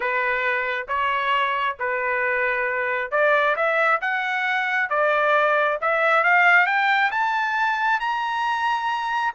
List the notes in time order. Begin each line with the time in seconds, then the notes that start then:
0.00 B4
0.88 C#5
1.79 B4
3.11 D5
3.56 E5
4.01 F#5
4.89 D5
5.81 E5
6.23 F5
6.66 G5
7.11 A5
8.00 A#5